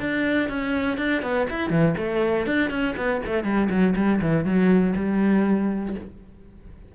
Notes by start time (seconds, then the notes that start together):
0.00 D4
0.49 C#4
0.98 D4
1.22 B3
1.50 E4
1.70 E3
1.97 A3
2.46 D4
2.70 C#4
2.97 B3
3.26 A3
3.44 G3
3.70 F#3
3.96 G3
4.21 E3
4.44 F#3
4.96 G3